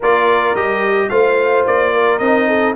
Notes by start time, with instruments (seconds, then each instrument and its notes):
0.00 tuba A#3, trombone F4, horn A#4, trumpet D5
0.54 tuba G3, trombone G4, trumpet D#5
1.09 tuba A3, trombone F4, horn C5, trumpet F5
1.66 tuba A#3, trumpet D5
1.93 horn A#4
2.18 tuba C4, trombone D#4, trumpet D#5
2.47 horn A4